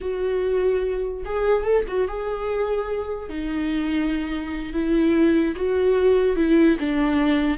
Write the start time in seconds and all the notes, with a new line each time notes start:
0.00 F#4
1.25 G#4
1.63 A4
1.87 F#4
2.08 G#4
3.29 D#4
4.73 E4
5.56 F#4
6.36 E4
6.79 D4